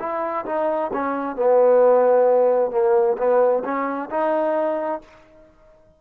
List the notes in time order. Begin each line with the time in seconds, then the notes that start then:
0.00 E4
0.46 D#4
0.93 C#4
1.36 B3
2.72 A#3
3.18 B3
3.65 C#4
4.11 D#4